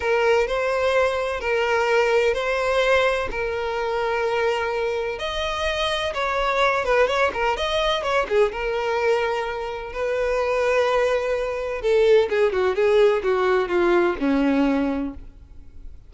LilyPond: \new Staff \with { instrumentName = "violin" } { \time 4/4 \tempo 4 = 127 ais'4 c''2 ais'4~ | ais'4 c''2 ais'4~ | ais'2. dis''4~ | dis''4 cis''4. b'8 cis''8 ais'8 |
dis''4 cis''8 gis'8 ais'2~ | ais'4 b'2.~ | b'4 a'4 gis'8 fis'8 gis'4 | fis'4 f'4 cis'2 | }